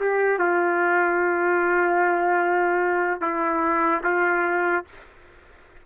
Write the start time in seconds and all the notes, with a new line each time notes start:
0.00 G4
0.39 F4
3.21 E4
4.04 F4